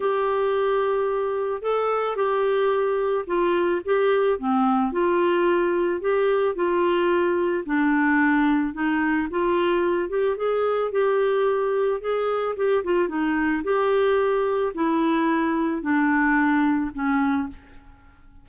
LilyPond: \new Staff \with { instrumentName = "clarinet" } { \time 4/4 \tempo 4 = 110 g'2. a'4 | g'2 f'4 g'4 | c'4 f'2 g'4 | f'2 d'2 |
dis'4 f'4. g'8 gis'4 | g'2 gis'4 g'8 f'8 | dis'4 g'2 e'4~ | e'4 d'2 cis'4 | }